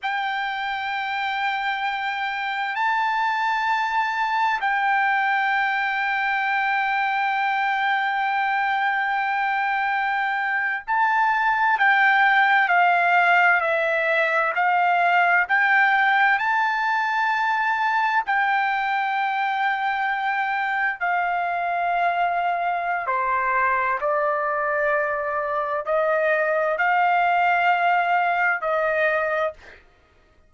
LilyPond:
\new Staff \with { instrumentName = "trumpet" } { \time 4/4 \tempo 4 = 65 g''2. a''4~ | a''4 g''2.~ | g''2.~ g''8. a''16~ | a''8. g''4 f''4 e''4 f''16~ |
f''8. g''4 a''2 g''16~ | g''2~ g''8. f''4~ f''16~ | f''4 c''4 d''2 | dis''4 f''2 dis''4 | }